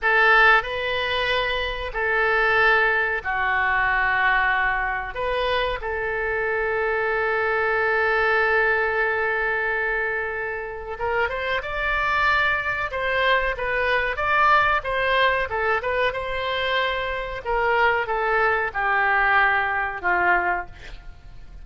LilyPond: \new Staff \with { instrumentName = "oboe" } { \time 4/4 \tempo 4 = 93 a'4 b'2 a'4~ | a'4 fis'2. | b'4 a'2.~ | a'1~ |
a'4 ais'8 c''8 d''2 | c''4 b'4 d''4 c''4 | a'8 b'8 c''2 ais'4 | a'4 g'2 f'4 | }